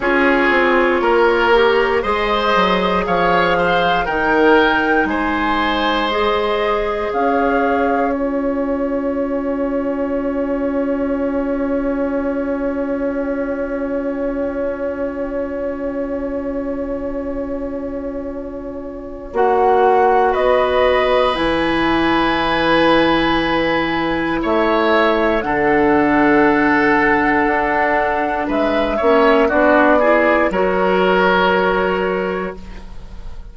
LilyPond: <<
  \new Staff \with { instrumentName = "flute" } { \time 4/4 \tempo 4 = 59 cis''2 dis''4 f''4 | g''4 gis''4 dis''4 f''4 | gis''1~ | gis''1~ |
gis''2. fis''4 | dis''4 gis''2. | e''4 fis''2. | e''4 d''4 cis''2 | }
  \new Staff \with { instrumentName = "oboe" } { \time 4/4 gis'4 ais'4 c''4 cis''8 c''8 | ais'4 c''2 cis''4~ | cis''1~ | cis''1~ |
cis''1 | b'1 | cis''4 a'2. | b'8 cis''8 fis'8 gis'8 ais'2 | }
  \new Staff \with { instrumentName = "clarinet" } { \time 4/4 f'4. g'8 gis'2 | dis'2 gis'2 | f'1~ | f'1~ |
f'2. fis'4~ | fis'4 e'2.~ | e'4 d'2.~ | d'8 cis'8 d'8 e'8 fis'2 | }
  \new Staff \with { instrumentName = "bassoon" } { \time 4/4 cis'8 c'8 ais4 gis8 fis8 f4 | dis4 gis2 cis'4~ | cis'1~ | cis'1~ |
cis'2. ais4 | b4 e2. | a4 d2 d'4 | gis8 ais8 b4 fis2 | }
>>